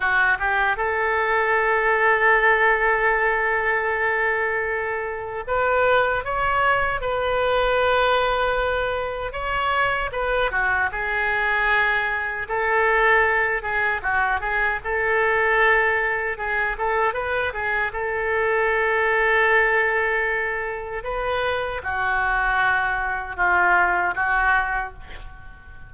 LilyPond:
\new Staff \with { instrumentName = "oboe" } { \time 4/4 \tempo 4 = 77 fis'8 g'8 a'2.~ | a'2. b'4 | cis''4 b'2. | cis''4 b'8 fis'8 gis'2 |
a'4. gis'8 fis'8 gis'8 a'4~ | a'4 gis'8 a'8 b'8 gis'8 a'4~ | a'2. b'4 | fis'2 f'4 fis'4 | }